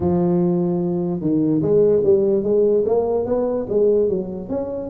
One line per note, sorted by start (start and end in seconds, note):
0.00 1.20 F3
1.20 1.61 D#3
1.61 2.02 G#3
2.03 2.43 G3
2.43 2.83 G#3
2.85 3.25 A#3
3.25 3.66 B3
3.69 4.08 G#3
4.08 4.49 F#3
4.49 4.90 C#4